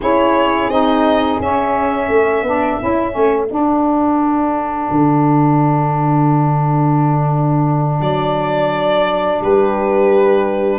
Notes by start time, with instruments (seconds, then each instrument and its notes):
0.00 tuba C#4, saxophone E4, horn G#4, violin C#5
0.69 tuba C4, saxophone D#4, violin D#5
1.40 tuba C#4, saxophone C#4, violin E5
2.07 tuba A3, horn A4
2.42 tuba B3, saxophone D4
2.80 tuba C#4, saxophone E4
3.10 tuba A3, saxophone C#4
3.48 saxophone D4, tuba D4, violin F#5
4.90 tuba D3
8.00 tuba F#3, violin D5
9.41 tuba G3, horn G4, violin B4